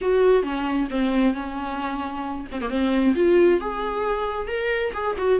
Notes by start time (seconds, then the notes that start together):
0.01 F#4
0.42 C#4
0.90 C4
1.34 C#4
2.51 C4
2.61 A#3
2.69 C4
3.15 F4
3.60 G#4
4.47 A#4
4.93 G#4
5.17 F#4